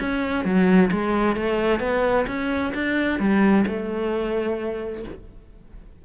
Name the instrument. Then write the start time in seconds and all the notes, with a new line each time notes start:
cello
0.00 C#4
0.45 F#3
0.92 G#3
1.36 A3
1.80 B3
2.27 C#4
2.74 D4
3.20 G3
3.67 A3